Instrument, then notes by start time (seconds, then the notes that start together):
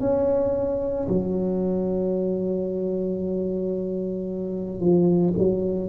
tuba
0.00 C#4
1.09 F#3
4.80 F3
5.38 F#3